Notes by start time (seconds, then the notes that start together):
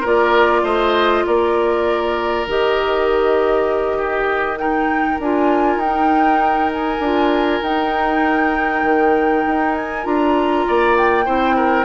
0.00 A#3 F4 A#4
0.06 D5
0.62 A3 C5 D#5
1.26 A#3 A#4 D5
2.46 D#3 G4 D#5
3.98 G4
4.58 D#4 A#4 G5
5.18 D4 F4 G#5
5.76 D#4 G5
5.83 D#4
6.72 G#5
6.99 D4 F4
7.61 D#4 G5
8.83 D#3
9.47 D#4
9.74 G#5
10.03 D4 F4 A#5
10.67 A#3 D5
10.97 G5
11.25 C4 E4 C5
11.56 A#4